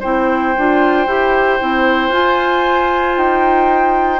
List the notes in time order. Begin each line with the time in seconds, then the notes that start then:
0.00 C4 E4 C5 G5
0.57 D4 F4
1.07 E4 G4
1.60 C4 E4
2.09 F4 G#5
3.17 D#4 G5